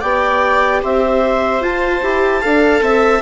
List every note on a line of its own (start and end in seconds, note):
0.00 0.82 B3
0.00 1.61 G4
0.00 0.80 D5
0.00 0.81 G5
0.82 1.61 C4
0.82 2.42 C5
0.82 1.63 E5
1.61 2.01 F4
1.61 3.21 A5
2.02 2.42 E4
2.02 2.41 G4
2.41 2.81 D4
2.41 3.21 A4
2.41 2.82 F5
2.81 3.21 C4
2.81 3.21 E5